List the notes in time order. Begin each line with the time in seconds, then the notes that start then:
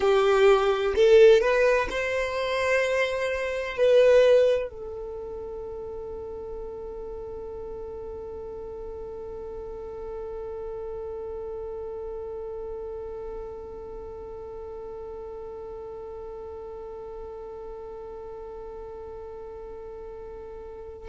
0.00 G4
0.95 A4
1.41 B4
1.90 C5
3.77 B4
4.69 A4